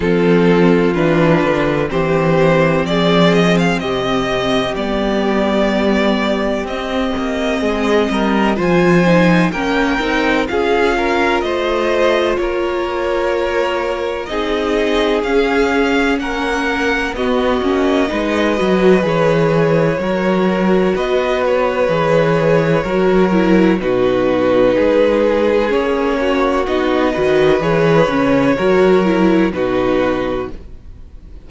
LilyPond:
<<
  \new Staff \with { instrumentName = "violin" } { \time 4/4 \tempo 4 = 63 a'4 b'4 c''4 d''8 dis''16 f''16 | dis''4 d''2 dis''4~ | dis''4 gis''4 g''4 f''4 | dis''4 cis''2 dis''4 |
f''4 fis''4 dis''2 | cis''2 dis''8 cis''4.~ | cis''4 b'2 cis''4 | dis''4 cis''2 b'4 | }
  \new Staff \with { instrumentName = "violin" } { \time 4/4 f'2 g'4 gis'4 | g'1 | gis'8 ais'8 c''4 ais'4 gis'8 ais'8 | c''4 ais'2 gis'4~ |
gis'4 ais'4 fis'4 b'4~ | b'4 ais'4 b'2 | ais'4 fis'4 gis'4. fis'8~ | fis'8 b'4. ais'4 fis'4 | }
  \new Staff \with { instrumentName = "viola" } { \time 4/4 c'4 d'4 c'2~ | c'4 b2 c'4~ | c'4 f'8 dis'8 cis'8 dis'8 f'4~ | f'2. dis'4 |
cis'2 b8 cis'8 dis'8 fis'8 | gis'4 fis'2 gis'4 | fis'8 e'8 dis'2 cis'4 | dis'8 fis'8 gis'8 cis'8 fis'8 e'8 dis'4 | }
  \new Staff \with { instrumentName = "cello" } { \time 4/4 f4 e8 d8 e4 f4 | c4 g2 c'8 ais8 | gis8 g8 f4 ais8 c'8 cis'4 | a4 ais2 c'4 |
cis'4 ais4 b8 ais8 gis8 fis8 | e4 fis4 b4 e4 | fis4 b,4 gis4 ais4 | b8 dis8 e8 cis8 fis4 b,4 | }
>>